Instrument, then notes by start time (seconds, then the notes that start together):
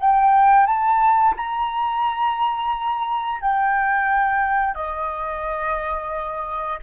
flute
0.00 G5
0.67 A5
1.37 A#5
3.41 G5
4.75 D#5